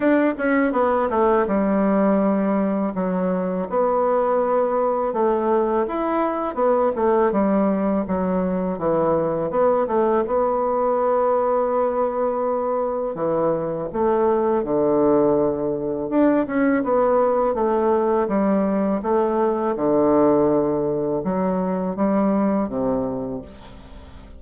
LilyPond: \new Staff \with { instrumentName = "bassoon" } { \time 4/4 \tempo 4 = 82 d'8 cis'8 b8 a8 g2 | fis4 b2 a4 | e'4 b8 a8 g4 fis4 | e4 b8 a8 b2~ |
b2 e4 a4 | d2 d'8 cis'8 b4 | a4 g4 a4 d4~ | d4 fis4 g4 c4 | }